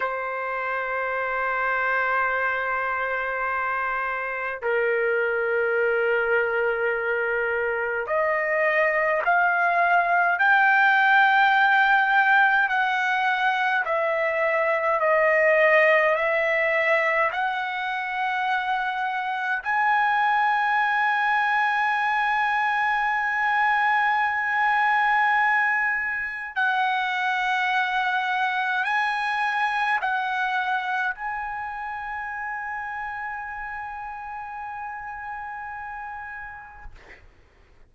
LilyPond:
\new Staff \with { instrumentName = "trumpet" } { \time 4/4 \tempo 4 = 52 c''1 | ais'2. dis''4 | f''4 g''2 fis''4 | e''4 dis''4 e''4 fis''4~ |
fis''4 gis''2.~ | gis''2. fis''4~ | fis''4 gis''4 fis''4 gis''4~ | gis''1 | }